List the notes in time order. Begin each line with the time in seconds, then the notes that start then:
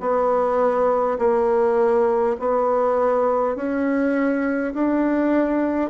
0.00 B3
1.18 A#3
2.39 B3
3.56 C#4
4.73 D4